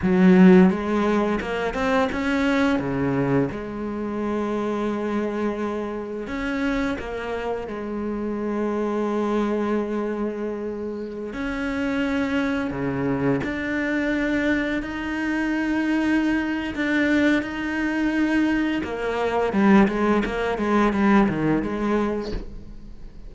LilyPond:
\new Staff \with { instrumentName = "cello" } { \time 4/4 \tempo 4 = 86 fis4 gis4 ais8 c'8 cis'4 | cis4 gis2.~ | gis4 cis'4 ais4 gis4~ | gis1~ |
gis16 cis'2 cis4 d'8.~ | d'4~ d'16 dis'2~ dis'8. | d'4 dis'2 ais4 | g8 gis8 ais8 gis8 g8 dis8 gis4 | }